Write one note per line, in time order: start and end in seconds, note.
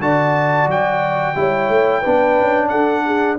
0.00 0.67 D3
0.00 1.36 F#4
0.00 1.38 D5
0.00 0.69 A5
0.68 1.35 F#3
0.68 2.69 G5
1.36 1.69 G3
1.36 2.03 E4
1.36 2.01 C#5
1.69 2.03 A3
2.01 2.40 B3
2.01 3.38 D4
2.01 2.68 B4
2.40 2.72 C#4
2.69 3.39 D4
2.69 3.05 A4
2.69 3.36 F#5
3.06 3.39 G#4